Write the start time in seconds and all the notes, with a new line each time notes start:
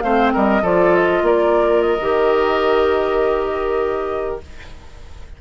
0.00 A3 C4 C5 F5
0.33 G3 A#4 D#5
0.62 F3 F4 A4 D5
0.95 D#5
1.22 A#3 A#4 D5
1.81 D#5
2.00 D#3 G4